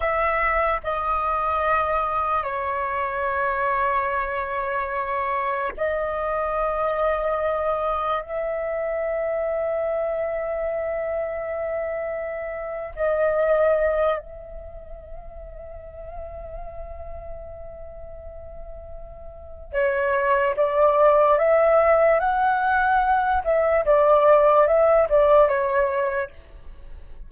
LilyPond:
\new Staff \with { instrumentName = "flute" } { \time 4/4 \tempo 4 = 73 e''4 dis''2 cis''4~ | cis''2. dis''4~ | dis''2 e''2~ | e''2.~ e''8. dis''16~ |
dis''4~ dis''16 e''2~ e''8.~ | e''1 | cis''4 d''4 e''4 fis''4~ | fis''8 e''8 d''4 e''8 d''8 cis''4 | }